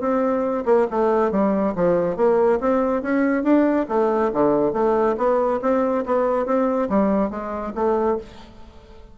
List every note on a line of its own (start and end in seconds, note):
0.00 0.64 C4
0.65 0.87 A#3
0.90 1.31 A3
1.31 1.74 G3
1.75 2.16 F3
2.16 2.59 A#3
2.60 3.02 C4
3.02 3.43 C#4
3.43 3.86 D4
3.88 4.31 A3
4.33 4.73 D3
4.73 5.15 A3
5.17 5.60 B3
5.61 6.04 C4
6.06 6.45 B3
6.45 6.88 C4
6.89 7.30 G3
7.30 7.73 G#3
7.75 8.18 A3